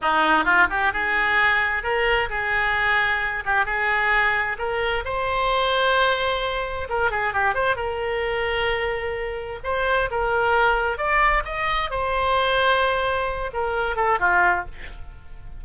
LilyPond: \new Staff \with { instrumentName = "oboe" } { \time 4/4 \tempo 4 = 131 dis'4 f'8 g'8 gis'2 | ais'4 gis'2~ gis'8 g'8 | gis'2 ais'4 c''4~ | c''2. ais'8 gis'8 |
g'8 c''8 ais'2.~ | ais'4 c''4 ais'2 | d''4 dis''4 c''2~ | c''4. ais'4 a'8 f'4 | }